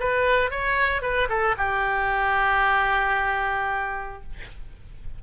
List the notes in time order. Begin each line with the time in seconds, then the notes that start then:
0.00 B4
0.51 C#5
1.02 B4
1.29 A4
1.58 G4